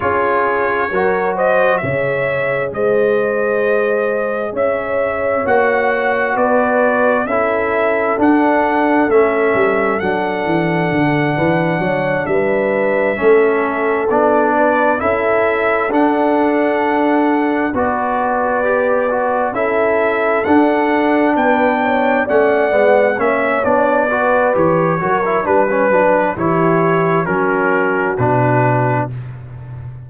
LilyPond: <<
  \new Staff \with { instrumentName = "trumpet" } { \time 4/4 \tempo 4 = 66 cis''4. dis''8 e''4 dis''4~ | dis''4 e''4 fis''4 d''4 | e''4 fis''4 e''4 fis''4~ | fis''4. e''2 d''8~ |
d''8 e''4 fis''2 d''8~ | d''4. e''4 fis''4 g''8~ | g''8 fis''4 e''8 d''4 cis''4 | b'4 cis''4 ais'4 b'4 | }
  \new Staff \with { instrumentName = "horn" } { \time 4/4 gis'4 ais'8 c''8 cis''4 c''4~ | c''4 cis''2 b'4 | a'1~ | a'8 b'8 cis''8 b'4 a'4. |
b'8 a'2. b'8~ | b'4. a'2 b'8 | cis''8 d''4 cis''4 b'4 ais'8 | b'4 g'4 fis'2 | }
  \new Staff \with { instrumentName = "trombone" } { \time 4/4 f'4 fis'4 gis'2~ | gis'2 fis'2 | e'4 d'4 cis'4 d'4~ | d'2~ d'8 cis'4 d'8~ |
d'8 e'4 d'2 fis'8~ | fis'8 g'8 fis'8 e'4 d'4.~ | d'8 cis'8 b8 cis'8 d'8 fis'8 g'8 fis'16 e'16 | d'16 cis'16 d'8 e'4 cis'4 d'4 | }
  \new Staff \with { instrumentName = "tuba" } { \time 4/4 cis'4 fis4 cis4 gis4~ | gis4 cis'4 ais4 b4 | cis'4 d'4 a8 g8 fis8 e8 | d8 e8 fis8 g4 a4 b8~ |
b8 cis'4 d'2 b8~ | b4. cis'4 d'4 b8~ | b8 a8 gis8 ais8 b4 e8 fis8 | g8 fis8 e4 fis4 b,4 | }
>>